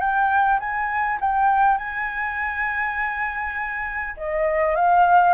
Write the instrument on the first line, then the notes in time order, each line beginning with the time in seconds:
flute
0.00 G5
0.60 G#5
1.20 G5
1.78 G#5
4.17 D#5
4.75 F5